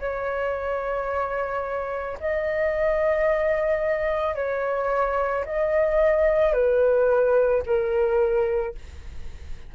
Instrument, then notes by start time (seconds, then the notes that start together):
flute
0.00 C#5
2.20 D#5
4.35 C#5
5.45 D#5
6.54 B4
7.66 A#4